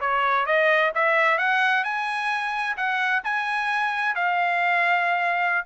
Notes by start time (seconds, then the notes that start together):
0.00 C#5
0.46 D#5
0.95 E5
1.37 F#5
1.84 G#5
2.77 F#5
3.23 G#5
4.15 F5